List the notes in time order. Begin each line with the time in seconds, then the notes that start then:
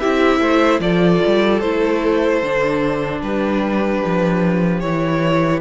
0.00 C4 E4 G4 E5
0.40 A3 C5
0.80 F3 F4 A4 D5
1.27 G3
1.61 A3 E4 C5
2.43 D3 D4
3.21 G3 G4 B4
4.05 F3
4.80 E3 E4 C#5